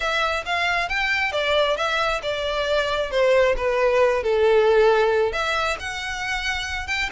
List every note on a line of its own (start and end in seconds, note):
0.00 0.44 E5
0.45 0.88 F5
0.88 1.32 G5
1.32 1.76 D5
1.76 2.21 E5
2.22 3.11 D5
3.11 3.55 C5
3.56 4.23 B4
4.23 5.32 A4
5.32 5.76 E5
5.79 6.87 F#5
6.87 7.09 G5